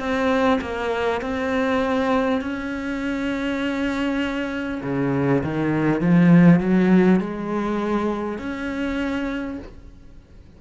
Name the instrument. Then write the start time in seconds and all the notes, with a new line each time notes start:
cello
0.00 C4
0.62 A#3
1.22 C4
2.41 C#4
4.83 C#3
5.44 D#3
6.01 F3
6.61 F#3
7.20 G#3
8.38 C#4